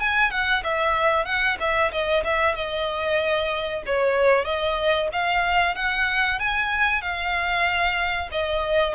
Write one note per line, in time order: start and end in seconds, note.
0.00 0.31 G#5
0.31 0.63 F#5
0.64 1.25 E5
1.25 1.57 F#5
1.60 1.92 E5
1.92 2.24 D#5
2.24 2.55 E5
2.55 3.83 D#5
3.86 4.45 C#5
4.45 5.09 D#5
5.13 5.75 F5
5.75 6.39 F#5
6.39 7.02 G#5
7.02 8.29 F5
8.32 8.94 D#5